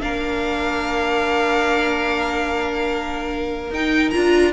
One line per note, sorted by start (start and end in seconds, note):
0.00 3.70 A#3
0.00 3.70 D4
0.00 4.53 A#4
0.00 3.71 F5
3.70 4.11 D#4
3.70 4.13 D#4
3.70 4.10 G5
4.10 4.53 D4
4.10 4.53 F4
4.10 4.51 A#5